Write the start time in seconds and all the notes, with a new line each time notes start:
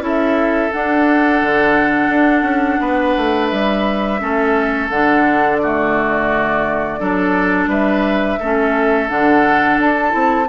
0.00 C#4 E4 A4
0.07 E5
0.72 D4 F#5
1.42 D3
2.09 D4
2.42 C#4
2.81 B3 B4
3.17 A3
3.47 G3 E5
4.20 A3 C#4 A4
4.90 D3 D4 F#5
5.57 F#4 D5
5.64 A3
7.00 F#3 D4 A4
7.67 G3 B4 E5
8.39 A3 C#4 A4
9.09 D3 D4 F#5
9.78 D4 A5
10.10 C4 E4